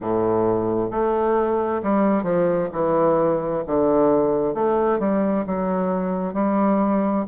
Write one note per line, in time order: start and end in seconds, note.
0.00 0.90 A2
0.90 1.81 A3
1.83 2.23 G3
2.23 2.68 F3
2.72 3.63 E3
3.66 4.54 D3
4.54 4.99 A3
4.99 5.44 G3
5.46 6.33 F#3
6.33 7.24 G3